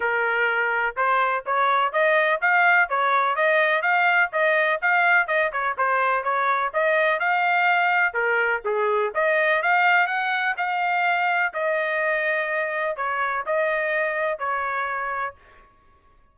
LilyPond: \new Staff \with { instrumentName = "trumpet" } { \time 4/4 \tempo 4 = 125 ais'2 c''4 cis''4 | dis''4 f''4 cis''4 dis''4 | f''4 dis''4 f''4 dis''8 cis''8 | c''4 cis''4 dis''4 f''4~ |
f''4 ais'4 gis'4 dis''4 | f''4 fis''4 f''2 | dis''2. cis''4 | dis''2 cis''2 | }